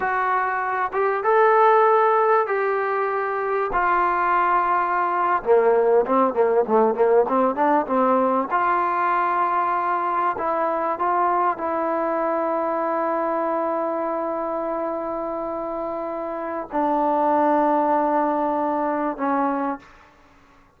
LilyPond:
\new Staff \with { instrumentName = "trombone" } { \time 4/4 \tempo 4 = 97 fis'4. g'8 a'2 | g'2 f'2~ | f'8. ais4 c'8 ais8 a8 ais8 c'16~ | c'16 d'8 c'4 f'2~ f'16~ |
f'8. e'4 f'4 e'4~ e'16~ | e'1~ | e'2. d'4~ | d'2. cis'4 | }